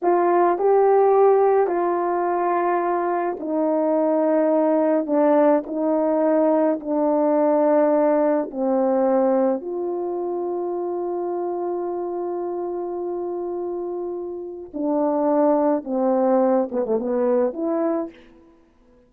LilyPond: \new Staff \with { instrumentName = "horn" } { \time 4/4 \tempo 4 = 106 f'4 g'2 f'4~ | f'2 dis'2~ | dis'4 d'4 dis'2 | d'2. c'4~ |
c'4 f'2.~ | f'1~ | f'2 d'2 | c'4. b16 a16 b4 e'4 | }